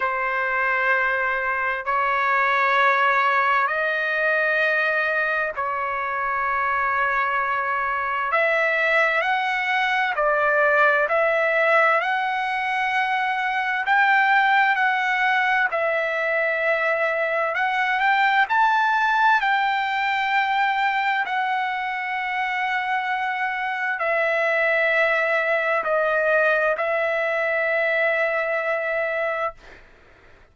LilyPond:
\new Staff \with { instrumentName = "trumpet" } { \time 4/4 \tempo 4 = 65 c''2 cis''2 | dis''2 cis''2~ | cis''4 e''4 fis''4 d''4 | e''4 fis''2 g''4 |
fis''4 e''2 fis''8 g''8 | a''4 g''2 fis''4~ | fis''2 e''2 | dis''4 e''2. | }